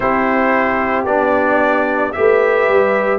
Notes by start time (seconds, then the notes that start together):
0.00 C4 E4 G4 C5
1.05 B3 D4 D5
2.12 A3 G4 E5
2.18 B4
2.68 G3